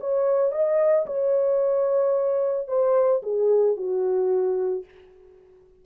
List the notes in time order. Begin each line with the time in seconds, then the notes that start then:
0.00 C#5
0.52 D#5
1.06 C#5
2.68 C5
3.23 G#4
3.76 F#4